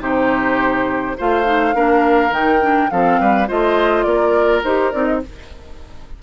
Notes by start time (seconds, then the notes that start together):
0.00 C3 D#4 G4 C5
1.18 A3 F4 C5 F5
1.45 D#4
1.75 A#3 D4 A#4
2.31 D#3 D#4 G5
2.61 D4
2.91 F3 C4 A4 F5
3.21 G3 B4
3.48 A3 F4 C5 D#5
4.03 A#3 A#4 D5
4.64 D#4 G4 C5
4.92 C4 D#4 D5
5.05 D#5